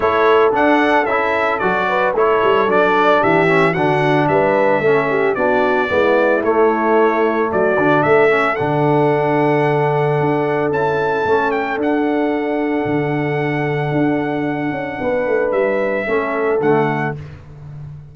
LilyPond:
<<
  \new Staff \with { instrumentName = "trumpet" } { \time 4/4 \tempo 4 = 112 cis''4 fis''4 e''4 d''4 | cis''4 d''4 e''4 fis''4 | e''2 d''2 | cis''2 d''4 e''4 |
fis''1 | a''4. g''8 fis''2~ | fis''1~ | fis''4 e''2 fis''4 | }
  \new Staff \with { instrumentName = "horn" } { \time 4/4 a'2.~ a'8 b'8 | a'2 g'4 fis'4 | b'4 a'8 g'8 fis'4 e'4~ | e'2 fis'4 a'4~ |
a'1~ | a'1~ | a'1 | b'2 a'2 | }
  \new Staff \with { instrumentName = "trombone" } { \time 4/4 e'4 d'4 e'4 fis'4 | e'4 d'4. cis'8 d'4~ | d'4 cis'4 d'4 b4 | a2~ a8 d'4 cis'8 |
d'1 | e'4 cis'4 d'2~ | d'1~ | d'2 cis'4 a4 | }
  \new Staff \with { instrumentName = "tuba" } { \time 4/4 a4 d'4 cis'4 fis4 | a8 g8 fis4 e4 d4 | g4 a4 b4 gis4 | a2 fis8 d8 a4 |
d2. d'4 | cis'4 a4 d'2 | d2 d'4. cis'8 | b8 a8 g4 a4 d4 | }
>>